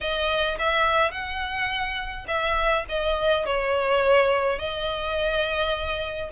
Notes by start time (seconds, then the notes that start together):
0.00 D#5
0.58 E5
1.11 F#5
2.27 E5
2.88 D#5
3.45 C#5
4.58 D#5